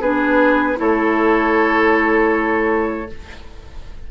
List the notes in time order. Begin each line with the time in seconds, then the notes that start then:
0.00 B3 D4 G#4 B4
0.76 A3 E4 A4 C#5